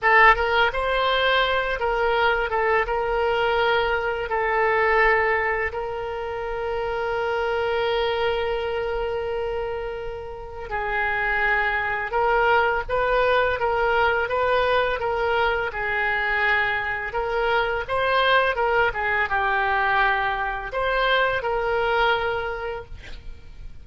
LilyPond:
\new Staff \with { instrumentName = "oboe" } { \time 4/4 \tempo 4 = 84 a'8 ais'8 c''4. ais'4 a'8 | ais'2 a'2 | ais'1~ | ais'2. gis'4~ |
gis'4 ais'4 b'4 ais'4 | b'4 ais'4 gis'2 | ais'4 c''4 ais'8 gis'8 g'4~ | g'4 c''4 ais'2 | }